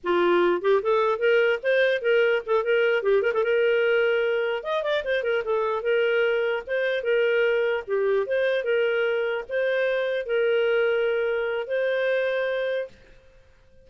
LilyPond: \new Staff \with { instrumentName = "clarinet" } { \time 4/4 \tempo 4 = 149 f'4. g'8 a'4 ais'4 | c''4 ais'4 a'8 ais'4 g'8 | ais'16 a'16 ais'2. dis''8 | d''8 c''8 ais'8 a'4 ais'4.~ |
ais'8 c''4 ais'2 g'8~ | g'8 c''4 ais'2 c''8~ | c''4. ais'2~ ais'8~ | ais'4 c''2. | }